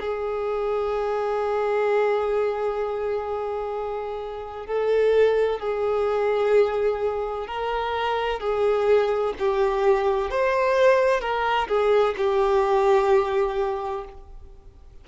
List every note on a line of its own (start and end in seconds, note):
0.00 4.66 G#4
4.66 5.60 A4
5.60 7.47 G#4
7.47 8.39 A#4
8.39 9.33 G#4
9.38 10.30 G4
10.30 11.20 C5
11.20 11.67 A#4
11.68 12.14 G#4
12.17 14.04 G4